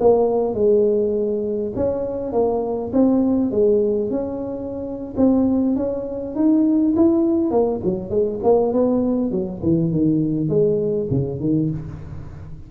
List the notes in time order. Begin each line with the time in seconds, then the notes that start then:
0.00 A#3
0.54 G#3
1.76 C#4
2.32 A#3
2.92 C4
3.51 G#3
4.10 C#4
5.17 C4
5.76 C#4
6.35 D#4
6.96 E4
7.50 A#3
7.84 F#3
8.10 G#3
8.43 A#3
8.72 B3
9.31 F#3
9.63 E3
9.92 D#3
10.49 G#3
11.10 C#3
11.40 D#3